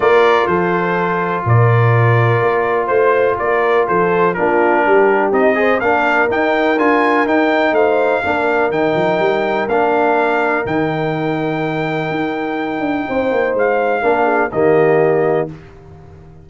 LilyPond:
<<
  \new Staff \with { instrumentName = "trumpet" } { \time 4/4 \tempo 4 = 124 d''4 c''2 d''4~ | d''2 c''4 d''4 | c''4 ais'2 dis''4 | f''4 g''4 gis''4 g''4 |
f''2 g''2 | f''2 g''2~ | g''1 | f''2 dis''2 | }
  \new Staff \with { instrumentName = "horn" } { \time 4/4 ais'4 a'2 ais'4~ | ais'2 c''4 ais'4 | a'4 f'4 g'4. c''8 | ais'1 |
c''4 ais'2.~ | ais'1~ | ais'2. c''4~ | c''4 ais'8 gis'8 g'2 | }
  \new Staff \with { instrumentName = "trombone" } { \time 4/4 f'1~ | f'1~ | f'4 d'2 dis'8 gis'8 | d'4 dis'4 f'4 dis'4~ |
dis'4 d'4 dis'2 | d'2 dis'2~ | dis'1~ | dis'4 d'4 ais2 | }
  \new Staff \with { instrumentName = "tuba" } { \time 4/4 ais4 f2 ais,4~ | ais,4 ais4 a4 ais4 | f4 ais4 g4 c'4 | ais4 dis'4 d'4 dis'4 |
a4 ais4 dis8 f8 g4 | ais2 dis2~ | dis4 dis'4. d'8 c'8 ais8 | gis4 ais4 dis2 | }
>>